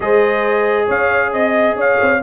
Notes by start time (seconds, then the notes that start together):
0.00 G#3 G#4 C5 D#5
0.86 C#4 C#5 F5
1.32 C4 D#5
1.75 C#4 C#5 F5
2.01 C4